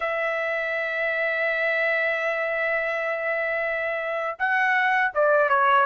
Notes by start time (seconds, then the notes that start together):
0.00 E5
4.38 F#5
5.14 D5
5.49 C#5